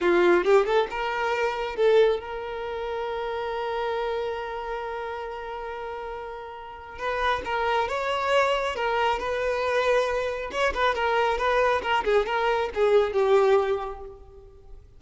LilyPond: \new Staff \with { instrumentName = "violin" } { \time 4/4 \tempo 4 = 137 f'4 g'8 a'8 ais'2 | a'4 ais'2.~ | ais'1~ | ais'1 |
b'4 ais'4 cis''2 | ais'4 b'2. | cis''8 b'8 ais'4 b'4 ais'8 gis'8 | ais'4 gis'4 g'2 | }